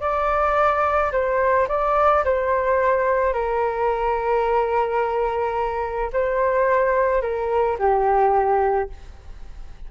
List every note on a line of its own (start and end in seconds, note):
0.00 1.11 D5
1.12 1.67 C5
1.68 2.23 D5
2.24 3.33 C5
3.33 6.11 A#4
6.12 7.21 C5
7.21 7.77 A#4
7.78 8.89 G4